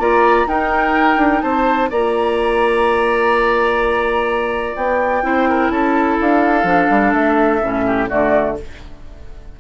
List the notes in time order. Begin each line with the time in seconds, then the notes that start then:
0.00 A#3 F4 D5 A#5
0.46 D#4 A#4 G5
1.17 D4
1.42 C4 C5 A5
1.90 A#3 F4 D5 A#5
4.76 B3 G5
5.23 C4 E4 C5
5.49 A#4
5.71 C#4 A4 A5
6.21 D4 F5
6.64 F3 D4
6.90 G3
7.14 A3 E5
7.63 A2 C#4
7.87 G4
8.09 D3 A3 F#4 D5